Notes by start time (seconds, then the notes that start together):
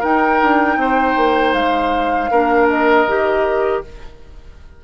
0.00 D#4 A#4 G5
0.42 D4
0.76 C4 C5
1.16 A#3
1.53 G#3 F5
2.31 A#3 D4 A#4
2.69 D#5
3.07 D#3 G4